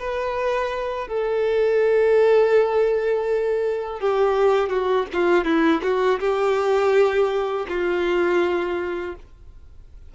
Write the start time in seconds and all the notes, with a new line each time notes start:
0.00 B4
1.08 A4
4.01 G4
4.70 F#4
5.14 F4
5.45 E4
5.83 F#4
6.20 G4
7.69 F4